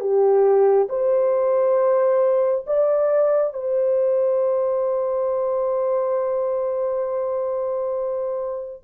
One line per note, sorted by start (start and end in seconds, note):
0.00 0.88 G4
0.89 2.66 C5
2.66 3.53 D5
3.53 8.83 C5